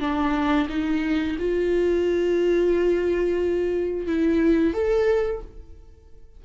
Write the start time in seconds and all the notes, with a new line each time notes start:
0.00 D4
0.70 D#4
1.39 F4
4.07 E4
4.73 A4